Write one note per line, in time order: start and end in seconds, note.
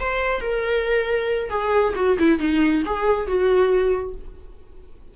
0.00 0.41 C5
0.41 1.50 A#4
1.50 1.94 G#4
1.96 2.18 F#4
2.19 2.39 E4
2.39 2.83 D#4
2.86 3.28 G#4
3.28 4.15 F#4